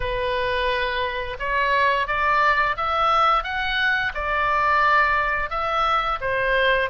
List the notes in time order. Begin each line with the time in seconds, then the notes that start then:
0.00 B4
1.39 C#5
2.07 D5
2.76 E5
3.43 F#5
4.14 D5
5.50 E5
6.21 C5